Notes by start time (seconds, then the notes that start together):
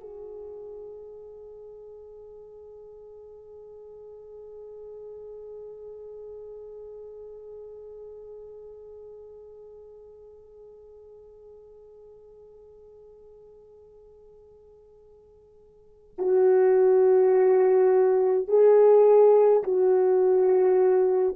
0.00 G#4
16.18 F#4
18.48 G#4
19.63 F#4